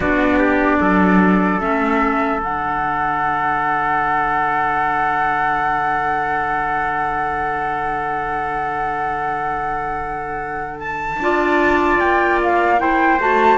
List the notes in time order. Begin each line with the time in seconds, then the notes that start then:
0.00 B3 D4 F#4 D5
0.38 G4
0.80 F#3 A4
1.60 A3 C#4 E5
2.40 D3 D4 F#5
10.79 A5
11.19 D4 F4 D5
11.99 A#3 G5
12.43 F5
12.78 E4 C5 G5
13.18 A3 F#4 A5